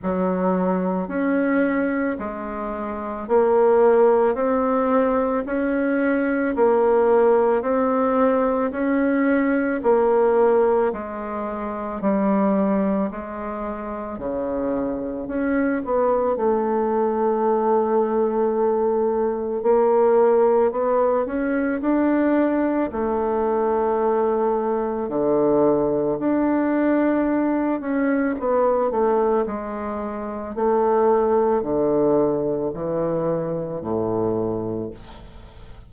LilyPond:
\new Staff \with { instrumentName = "bassoon" } { \time 4/4 \tempo 4 = 55 fis4 cis'4 gis4 ais4 | c'4 cis'4 ais4 c'4 | cis'4 ais4 gis4 g4 | gis4 cis4 cis'8 b8 a4~ |
a2 ais4 b8 cis'8 | d'4 a2 d4 | d'4. cis'8 b8 a8 gis4 | a4 d4 e4 a,4 | }